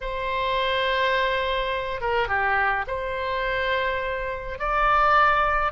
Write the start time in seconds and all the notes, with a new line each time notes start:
0.01 C5
2.00 A#4
2.28 G4
2.87 C5
4.58 D5